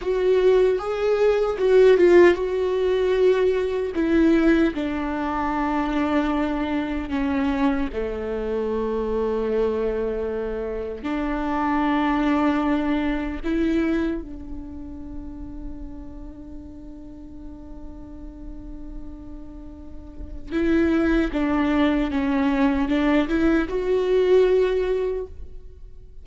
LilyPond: \new Staff \with { instrumentName = "viola" } { \time 4/4 \tempo 4 = 76 fis'4 gis'4 fis'8 f'8 fis'4~ | fis'4 e'4 d'2~ | d'4 cis'4 a2~ | a2 d'2~ |
d'4 e'4 d'2~ | d'1~ | d'2 e'4 d'4 | cis'4 d'8 e'8 fis'2 | }